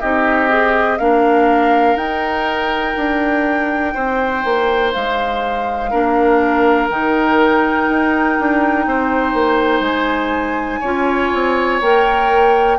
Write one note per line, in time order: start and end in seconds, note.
0.00 0.99 C4
0.00 0.49 D#4
0.00 0.98 G4
0.00 0.98 D#5
0.49 0.98 G#4
0.98 1.95 A#3
0.98 1.98 D4
0.98 3.94 A#4
0.98 1.96 F5
1.95 2.93 D#4
1.95 5.92 D#4
1.95 4.91 G5
2.96 3.95 D4
3.94 4.44 C4
3.94 5.90 C5
4.44 4.94 A#3
4.92 5.93 G#3
4.92 6.89 F5
5.90 6.90 A#3
5.90 6.90 D4
5.90 8.85 A#4
6.89 7.88 D#3
6.89 10.84 D#4
6.89 9.83 G5
7.89 8.38 D#4
8.39 8.86 D4
8.86 9.34 C4
8.86 10.80 C5
9.34 9.80 A#3
9.80 10.78 G#3
9.80 11.79 G#5
10.80 11.32 C#4
10.80 11.82 F4
10.80 12.77 C#5
11.33 11.81 C4
11.81 12.78 A#3
11.81 12.78 A#4
11.81 12.78 G5